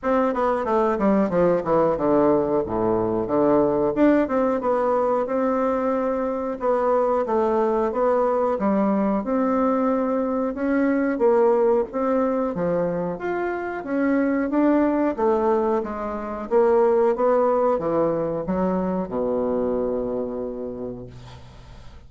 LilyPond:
\new Staff \with { instrumentName = "bassoon" } { \time 4/4 \tempo 4 = 91 c'8 b8 a8 g8 f8 e8 d4 | a,4 d4 d'8 c'8 b4 | c'2 b4 a4 | b4 g4 c'2 |
cis'4 ais4 c'4 f4 | f'4 cis'4 d'4 a4 | gis4 ais4 b4 e4 | fis4 b,2. | }